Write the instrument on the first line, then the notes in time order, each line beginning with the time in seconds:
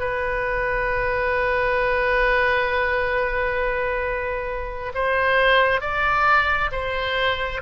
oboe
0.00 B4
4.95 C5
5.81 D5
6.72 C5